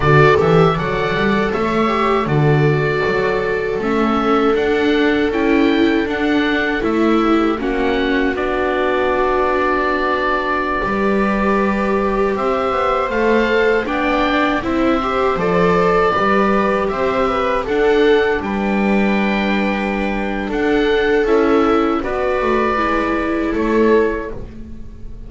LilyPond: <<
  \new Staff \with { instrumentName = "oboe" } { \time 4/4 \tempo 4 = 79 d''8 e''8 fis''4 e''4 d''4~ | d''4 e''4 fis''4 g''4 | fis''4 e''4 fis''4 d''4~ | d''1~ |
d''16 e''4 f''4 g''4 e''8.~ | e''16 d''2 e''4 fis''8.~ | fis''16 g''2~ g''8. fis''4 | e''4 d''2 cis''4 | }
  \new Staff \with { instrumentName = "viola" } { \time 4/4 a'4 d''4 cis''4 a'4~ | a'1~ | a'4. g'8 fis'2~ | fis'2~ fis'16 b'4.~ b'16~ |
b'16 c''2 d''4 c''8.~ | c''4~ c''16 b'4 c''8 b'8 a'8.~ | a'16 b'2~ b'8. a'4~ | a'4 b'2 a'4 | }
  \new Staff \with { instrumentName = "viola" } { \time 4/4 fis'8 g'8 a'4. g'8 fis'4~ | fis'4 cis'4 d'4 e'4 | d'4 e'4 cis'4 d'4~ | d'2~ d'16 g'4.~ g'16~ |
g'4~ g'16 a'4 d'4 e'8 g'16~ | g'16 a'4 g'2 d'8.~ | d'1 | e'4 fis'4 e'2 | }
  \new Staff \with { instrumentName = "double bass" } { \time 4/4 d8 e8 fis8 g8 a4 d4 | fis4 a4 d'4 cis'4 | d'4 a4 ais4 b4~ | b2~ b16 g4.~ g16~ |
g16 c'8 b8 a4 b4 c'8.~ | c'16 f4 g4 c'4 d'8.~ | d'16 g2~ g8. d'4 | cis'4 b8 a8 gis4 a4 | }
>>